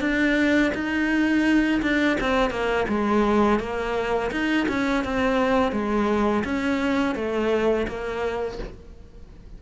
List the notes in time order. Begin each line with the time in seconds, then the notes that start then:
0.00 D4
0.74 D#4
1.81 D4
2.20 C4
2.50 A#3
2.88 G#3
3.59 A#3
4.31 D#4
4.68 C#4
5.04 C4
5.72 G#3
6.44 C#4
7.15 A3
7.87 A#3